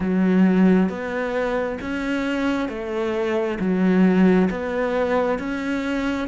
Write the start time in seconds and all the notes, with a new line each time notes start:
0.00 F#3
0.89 B3
1.81 C#4
2.69 A3
3.59 F#3
4.50 B3
5.39 C#4